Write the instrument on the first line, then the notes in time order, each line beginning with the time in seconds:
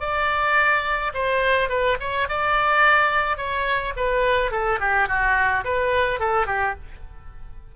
oboe
0.00 D5
1.14 C5
1.69 B4
2.00 C#5
2.29 D5
3.37 C#5
3.96 B4
4.51 A4
4.80 G4
5.08 F#4
5.64 B4
6.20 A4
6.46 G4